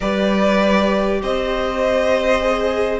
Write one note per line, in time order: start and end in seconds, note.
0.00 1.22 G3
0.00 2.40 G4
0.00 1.20 B4
0.00 1.22 D5
1.21 2.99 C4
1.21 2.99 C5
1.21 2.99 D#5
2.40 2.99 G#4